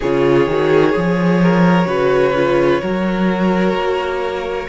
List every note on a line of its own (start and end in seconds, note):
0.00 0.47 C#3
0.00 0.49 F4
0.00 1.39 G#4
0.00 4.68 C#5
0.47 0.94 D#3
0.47 0.92 F#4
0.92 1.86 F3
0.92 1.86 G#4
1.42 1.87 A#4
1.86 2.80 C#3
1.86 2.32 F#4
1.86 2.81 B4
2.34 2.81 F4
2.81 3.73 F#3
2.81 4.68 F#4
2.81 4.68 A#4
3.73 4.67 A#3